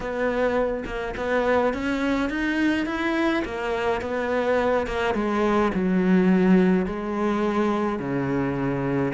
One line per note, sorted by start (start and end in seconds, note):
0.00 0.84 B3
0.85 1.14 A#3
1.16 1.73 B3
1.73 2.29 C#4
2.29 2.86 D#4
2.86 3.43 E4
3.44 4.01 A#3
4.01 4.86 B3
4.86 5.14 A#3
5.14 5.71 G#3
5.74 6.86 F#3
6.86 7.99 G#3
7.99 9.13 C#3